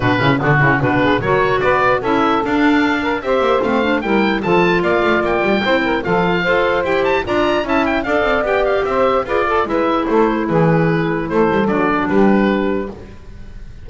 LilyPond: <<
  \new Staff \with { instrumentName = "oboe" } { \time 4/4 \tempo 4 = 149 b'4 fis'4 b'4 cis''4 | d''4 e''4 f''2 | e''4 f''4 g''4 a''4 | f''4 g''2 f''4~ |
f''4 g''8 a''8 ais''4 a''8 g''8 | f''4 g''8 f''8 e''4 d''4 | e''4 c''4 b'2 | c''4 d''4 b'2 | }
  \new Staff \with { instrumentName = "saxophone" } { \time 4/4 fis'8 e'8 d'8 e'8 fis'8 gis'8 ais'4 | b'4 a'2~ a'8 ais'8 | c''2 ais'4 a'4 | d''2 c''8 ais'8 a'4 |
c''2 d''4 e''4 | d''2 c''4 b'8 a'8 | b'4 a'4 gis'2 | a'2 g'2 | }
  \new Staff \with { instrumentName = "clarinet" } { \time 4/4 d'8 cis'8 b8 cis'8 d'4 fis'4~ | fis'4 e'4 d'2 | g'4 c'8 d'8 e'4 f'4~ | f'2 e'4 f'4 |
a'4 g'4 f'4 e'4 | a'4 g'2 gis'8 a'8 | e'1~ | e'4 d'2. | }
  \new Staff \with { instrumentName = "double bass" } { \time 4/4 b,8 cis8 d8 cis8 b,4 fis4 | b4 cis'4 d'2 | c'8 ais8 a4 g4 f4 | ais8 a8 ais8 g8 c'4 f4 |
f'4 e'4 d'4 cis'4 | d'8 c'8 b4 c'4 f'4 | gis4 a4 e2 | a8 g8 fis4 g2 | }
>>